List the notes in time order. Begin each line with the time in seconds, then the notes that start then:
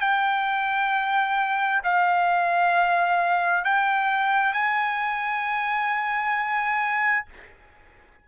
0.00 G5
1.83 F5
3.64 G5
4.53 G#5